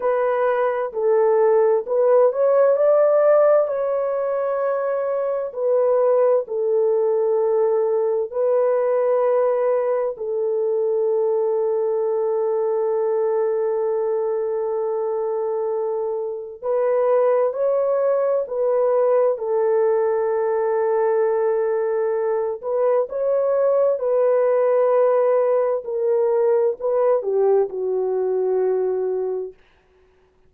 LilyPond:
\new Staff \with { instrumentName = "horn" } { \time 4/4 \tempo 4 = 65 b'4 a'4 b'8 cis''8 d''4 | cis''2 b'4 a'4~ | a'4 b'2 a'4~ | a'1~ |
a'2 b'4 cis''4 | b'4 a'2.~ | a'8 b'8 cis''4 b'2 | ais'4 b'8 g'8 fis'2 | }